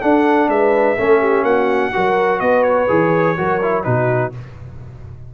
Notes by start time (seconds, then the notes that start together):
0.00 D4 A4 F#5
0.48 G#3 B4 E5
0.97 A3 C#4 A4
1.20 G4
1.42 A#3 F#4 F#5
1.92 F#3 F#4 A#4
2.40 B3 B4 D#5
2.62 C#5
2.88 E3 G#4
3.37 F#3 F#4 A#4
3.62 E4
3.83 B2 D#4 F#4 B4